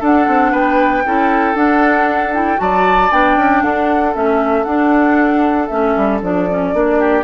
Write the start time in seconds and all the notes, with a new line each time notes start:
0.00 D4 A4 F#5
0.28 C4
0.52 B3 B4 G5
1.05 C#4 E4 A4
1.55 D4 F#5
2.34 E4 G5
2.57 F#3 F#4 D5 A5
3.12 B3 D4 G5
3.36 C#4
3.63 D4 A4 F#5
4.13 A3 C#4 E5
4.64 D4 F#5
5.68 A3 C#4 E5
5.97 G3
6.22 F3 D4 D5
6.49 C#4
6.73 A#3 D4
6.99 G4